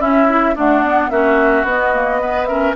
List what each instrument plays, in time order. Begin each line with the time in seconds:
0.00 clarinet C#4, bassoon C#4, oboe E4, flute E5
0.29 clarinet E4
0.55 clarinet A3, oboe D4, bassoon D4, flute F#5
0.84 clarinet B3
1.11 bassoon A#3, clarinet C#4, oboe F#4, flute E5
1.64 bassoon B3, clarinet B3, flute D#5
1.94 clarinet A#3
2.21 clarinet B3, oboe B4
2.46 clarinet C#4, oboe A#4, flute E5